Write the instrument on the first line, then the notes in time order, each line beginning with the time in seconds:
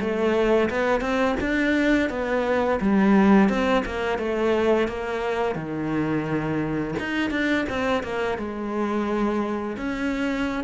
cello
0.00 A3
0.70 B3
1.01 C4
1.40 D4
2.10 B3
2.81 G3
3.49 C4
3.86 A#3
4.18 A3
4.88 A#3
5.55 D#3
6.99 D#4
7.31 D4
7.69 C4
8.03 A#3
8.38 G#3
9.77 C#4